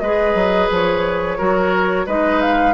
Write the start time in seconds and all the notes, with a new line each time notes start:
0.00 G#3 G#4 B4 D#5
0.34 F#3
0.70 F3 C#5
1.37 F#3 F#4 A#4
2.06 G#3 D#4 B4 D#5
2.41 F5